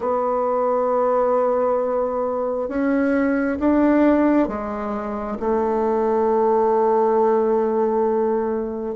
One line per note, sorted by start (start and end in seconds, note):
0.00 2.68 B3
2.68 3.58 C#4
3.59 4.48 D4
4.48 5.37 G#3
5.39 8.95 A3